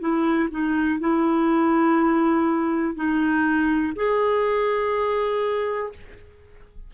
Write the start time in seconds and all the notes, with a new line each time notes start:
0.00 E4
0.51 D#4
1.00 E4
2.96 D#4
3.96 G#4